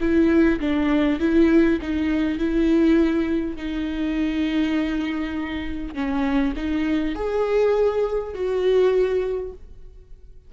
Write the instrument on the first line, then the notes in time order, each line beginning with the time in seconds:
viola
0.00 E4
0.60 D4
1.19 E4
1.81 D#4
2.38 E4
3.56 D#4
5.94 C#4
6.56 D#4
7.15 G#4
8.34 F#4